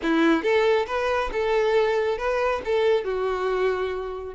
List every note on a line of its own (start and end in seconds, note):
0.02 0.42 E4
0.42 0.86 A4
0.87 1.30 B4
1.32 2.18 A4
2.18 2.61 B4
2.64 3.04 A4
3.04 4.34 F#4